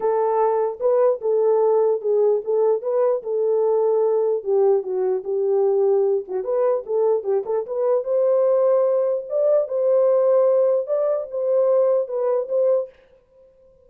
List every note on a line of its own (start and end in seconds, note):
0.00 0.78 A4
0.80 1.20 B4
1.21 2.01 A4
2.01 2.41 G#4
2.44 2.82 A4
2.82 3.22 B4
3.23 4.43 A4
4.43 4.82 G4
4.82 5.23 F#4
5.24 6.24 G4
6.27 6.43 F#4
6.43 6.84 B4
6.86 7.23 A4
7.23 7.43 G4
7.45 7.65 A4
7.66 8.04 B4
8.04 9.24 C5
9.29 9.68 D5
9.68 10.87 C5
10.87 11.27 D5
11.31 12.07 C5
12.07 12.48 B4
12.48 12.89 C5